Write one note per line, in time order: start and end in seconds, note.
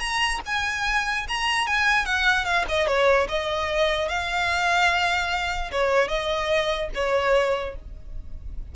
0.00 0.41 A#5
0.46 1.27 G#5
1.28 1.67 A#5
1.67 2.05 G#5
2.05 2.45 F#5
2.45 2.65 F5
2.69 2.87 D#5
2.87 3.27 C#5
3.29 4.09 D#5
4.09 5.71 F5
5.72 6.08 C#5
6.08 6.89 D#5
6.95 7.76 C#5